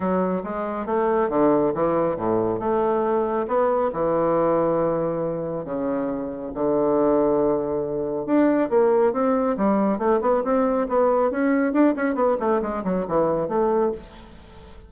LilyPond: \new Staff \with { instrumentName = "bassoon" } { \time 4/4 \tempo 4 = 138 fis4 gis4 a4 d4 | e4 a,4 a2 | b4 e2.~ | e4 cis2 d4~ |
d2. d'4 | ais4 c'4 g4 a8 b8 | c'4 b4 cis'4 d'8 cis'8 | b8 a8 gis8 fis8 e4 a4 | }